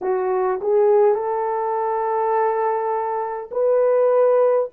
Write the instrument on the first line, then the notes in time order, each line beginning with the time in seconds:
horn
0.01 F#4
0.61 G#4
1.14 A4
3.51 B4